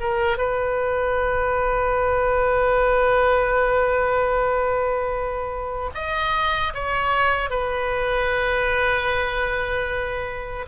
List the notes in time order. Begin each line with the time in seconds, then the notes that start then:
0.00 A#4
0.38 B4
5.94 D#5
6.74 C#5
7.50 B4